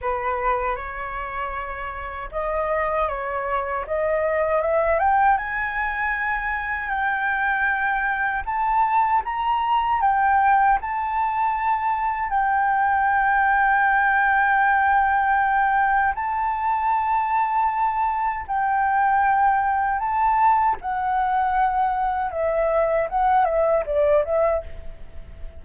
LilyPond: \new Staff \with { instrumentName = "flute" } { \time 4/4 \tempo 4 = 78 b'4 cis''2 dis''4 | cis''4 dis''4 e''8 g''8 gis''4~ | gis''4 g''2 a''4 | ais''4 g''4 a''2 |
g''1~ | g''4 a''2. | g''2 a''4 fis''4~ | fis''4 e''4 fis''8 e''8 d''8 e''8 | }